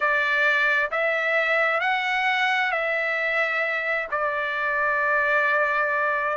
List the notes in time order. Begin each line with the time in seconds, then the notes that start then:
0.00 D5
0.91 E5
1.80 F#5
2.71 E5
4.11 D5